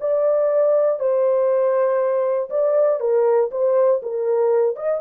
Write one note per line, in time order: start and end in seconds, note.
0.00 0.99 D5
0.99 2.49 C5
2.50 3.00 D5
3.00 3.50 A#4
3.51 4.01 C5
4.02 4.75 A#4
4.75 5.00 D#5